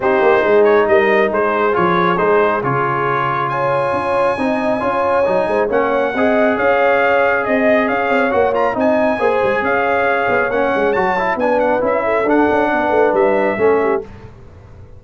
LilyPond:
<<
  \new Staff \with { instrumentName = "trumpet" } { \time 4/4 \tempo 4 = 137 c''4. cis''8 dis''4 c''4 | cis''4 c''4 cis''2 | gis''1~ | gis''4 fis''2 f''4~ |
f''4 dis''4 f''4 fis''8 ais''8 | gis''2 f''2 | fis''4 a''4 gis''8 fis''8 e''4 | fis''2 e''2 | }
  \new Staff \with { instrumentName = "horn" } { \time 4/4 g'4 gis'4 ais'4 gis'4~ | gis'1 | cis''2 dis''4 cis''4~ | cis''8 c''8 cis''4 dis''4 cis''4~ |
cis''4 dis''4 cis''2 | dis''4 c''4 cis''2~ | cis''2 b'4. a'8~ | a'4 b'2 a'8 g'8 | }
  \new Staff \with { instrumentName = "trombone" } { \time 4/4 dis'1 | f'4 dis'4 f'2~ | f'2 dis'4 f'4 | dis'4 cis'4 gis'2~ |
gis'2. fis'8 f'8 | dis'4 gis'2. | cis'4 fis'8 e'8 d'4 e'4 | d'2. cis'4 | }
  \new Staff \with { instrumentName = "tuba" } { \time 4/4 c'8 ais8 gis4 g4 gis4 | f4 gis4 cis2~ | cis4 cis'4 c'4 cis'4 | fis8 gis8 ais4 c'4 cis'4~ |
cis'4 c'4 cis'8 c'8 ais4 | c'4 ais8 gis8 cis'4. b8 | ais8 gis8 fis4 b4 cis'4 | d'8 cis'8 b8 a8 g4 a4 | }
>>